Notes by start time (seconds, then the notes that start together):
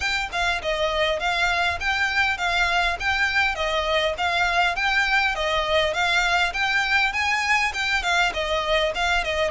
0.00 G5
0.32 F5
0.62 D#5
1.19 F5
1.80 G5
2.37 F5
2.99 G5
3.55 D#5
4.17 F5
4.75 G5
5.35 D#5
5.93 F5
6.53 G5
7.13 G#5
7.73 G5
8.03 F5
8.33 D#5
8.94 F5
9.24 D#5